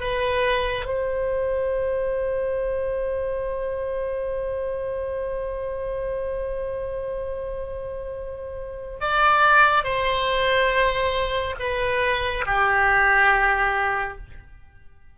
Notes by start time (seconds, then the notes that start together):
0.00 B4
0.86 C5
9.01 D5
9.84 C5
11.60 B4
12.47 G4